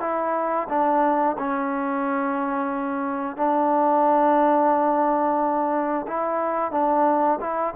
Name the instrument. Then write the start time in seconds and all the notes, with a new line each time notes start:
trombone
0.00 E4
0.69 D4
1.38 C#4
3.36 D4
6.07 E4
6.71 D4
7.41 E4